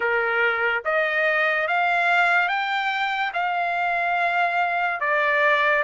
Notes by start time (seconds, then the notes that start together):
0.00 A#4
0.84 D#5
1.67 F5
2.48 G5
3.33 F5
5.00 D5